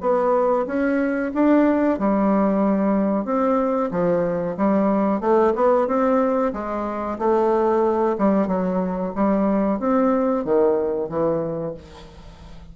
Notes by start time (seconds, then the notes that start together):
0.00 B3
0.66 C#4
1.34 D4
1.98 G3
3.25 C4
3.91 F3
4.57 G3
5.20 A3
5.55 B3
5.87 C4
6.53 G#3
7.18 A3
8.18 G3
8.47 F#3
9.15 G3
9.79 C4
10.44 D#3
11.09 E3